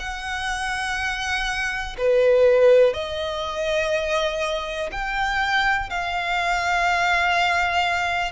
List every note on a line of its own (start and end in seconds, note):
0.00 1.97 F#5
1.99 2.94 B4
2.94 4.90 D#5
4.92 5.90 G5
5.90 8.32 F5